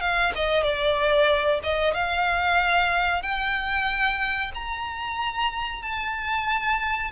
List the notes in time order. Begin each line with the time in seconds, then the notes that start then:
0.00 F5
0.35 D#5
0.63 D5
1.63 D#5
1.94 F5
3.22 G5
4.54 A#5
5.82 A5